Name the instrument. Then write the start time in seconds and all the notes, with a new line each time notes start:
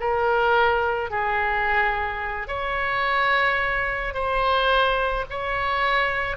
oboe
0.00 A#4
1.10 G#4
2.48 C#5
4.14 C5
5.30 C#5